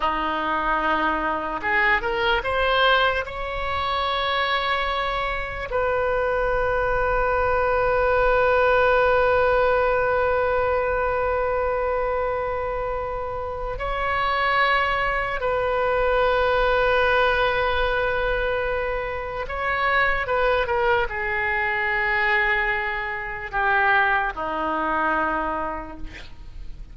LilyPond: \new Staff \with { instrumentName = "oboe" } { \time 4/4 \tempo 4 = 74 dis'2 gis'8 ais'8 c''4 | cis''2. b'4~ | b'1~ | b'1~ |
b'4 cis''2 b'4~ | b'1 | cis''4 b'8 ais'8 gis'2~ | gis'4 g'4 dis'2 | }